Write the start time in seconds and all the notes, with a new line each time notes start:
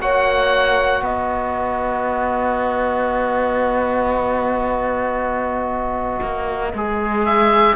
0.00 A#3 F#4 C#5 F#5
1.02 B3 B4 D#5
6.22 A#3
6.73 G#3 G#4
7.25 E5